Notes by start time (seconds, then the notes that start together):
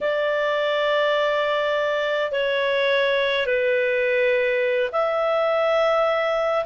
0.01 D5
2.31 C#5
3.46 B4
4.92 E5